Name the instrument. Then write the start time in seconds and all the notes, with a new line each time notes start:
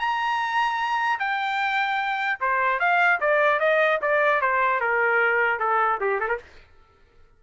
trumpet
0.00 A#5
1.20 G5
2.41 C5
2.80 F5
3.21 D5
3.60 D#5
4.02 D5
4.41 C5
4.81 A#4
5.60 A4
6.01 G4
6.20 A4
6.29 A#4